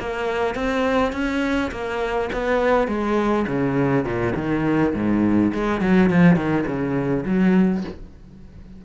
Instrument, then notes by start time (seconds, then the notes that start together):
cello
0.00 A#3
0.55 C4
1.12 C#4
1.71 A#3
2.32 B3
2.88 G#3
3.47 C#3
4.04 A#2
4.35 D#3
4.94 G#2
5.53 G#3
5.81 F#3
6.10 F3
6.36 D#3
6.66 C#3
7.26 F#3